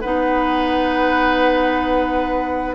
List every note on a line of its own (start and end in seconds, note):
0.00 2.75 B3
0.00 2.75 D#4
0.00 2.75 B4
0.00 2.75 F#5